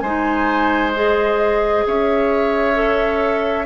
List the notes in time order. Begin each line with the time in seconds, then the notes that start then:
0.00 G#3 D#4 C5 G#5
0.95 G#4 D#5
1.87 C#4 C#5 E5
2.74 A4